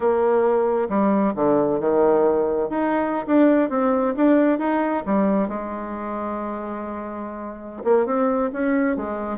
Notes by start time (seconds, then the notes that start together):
0.00 A#3
0.89 G3
1.35 D3
1.80 D#3
2.69 D#4
3.26 D4
3.69 C4
4.16 D4
4.58 D#4
5.05 G3
5.48 G#3
7.84 A#3
8.06 C4
8.53 C#4
8.96 G#3